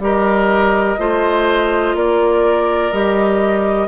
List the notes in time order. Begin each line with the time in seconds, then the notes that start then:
0.00 G3 G4 A#4 D#5
0.99 A3 F4 C5
1.95 A#3 A#4 D5
2.93 G3 G4 D#5